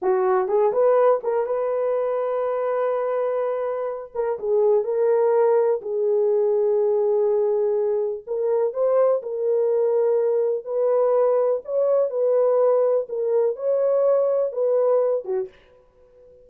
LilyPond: \new Staff \with { instrumentName = "horn" } { \time 4/4 \tempo 4 = 124 fis'4 gis'8 b'4 ais'8 b'4~ | b'1~ | b'8 ais'8 gis'4 ais'2 | gis'1~ |
gis'4 ais'4 c''4 ais'4~ | ais'2 b'2 | cis''4 b'2 ais'4 | cis''2 b'4. fis'8 | }